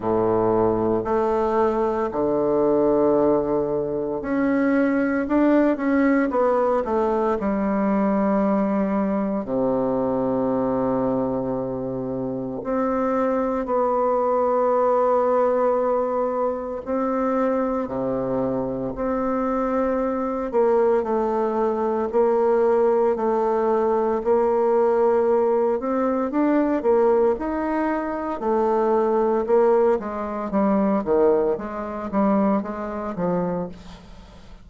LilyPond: \new Staff \with { instrumentName = "bassoon" } { \time 4/4 \tempo 4 = 57 a,4 a4 d2 | cis'4 d'8 cis'8 b8 a8 g4~ | g4 c2. | c'4 b2. |
c'4 c4 c'4. ais8 | a4 ais4 a4 ais4~ | ais8 c'8 d'8 ais8 dis'4 a4 | ais8 gis8 g8 dis8 gis8 g8 gis8 f8 | }